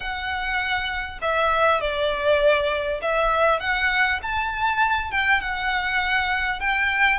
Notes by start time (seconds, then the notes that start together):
0.00 F#5
1.21 E5
1.81 D5
3.01 E5
3.60 F#5
4.22 A5
5.11 G5
5.40 F#5
6.60 G5